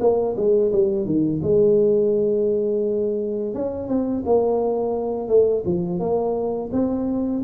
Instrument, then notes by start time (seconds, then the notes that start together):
tuba
0.00 A#3
0.37 G#3
0.72 G3
1.05 D#3
1.42 G#3
3.54 C#4
3.88 C4
4.25 A#3
5.28 A3
5.65 F3
5.99 A#3
6.72 C4